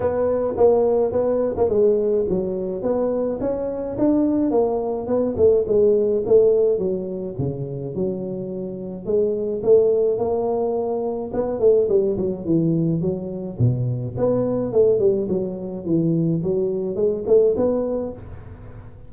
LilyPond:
\new Staff \with { instrumentName = "tuba" } { \time 4/4 \tempo 4 = 106 b4 ais4 b8. ais16 gis4 | fis4 b4 cis'4 d'4 | ais4 b8 a8 gis4 a4 | fis4 cis4 fis2 |
gis4 a4 ais2 | b8 a8 g8 fis8 e4 fis4 | b,4 b4 a8 g8 fis4 | e4 fis4 gis8 a8 b4 | }